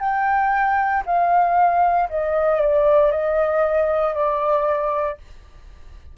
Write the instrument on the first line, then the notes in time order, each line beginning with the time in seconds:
flute
0.00 G5
1.06 F5
2.09 D#5
2.61 D5
3.11 D#5
4.14 D5